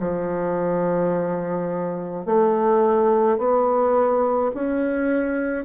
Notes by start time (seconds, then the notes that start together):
0.00 F3
2.25 A3
3.38 B3
4.54 C#4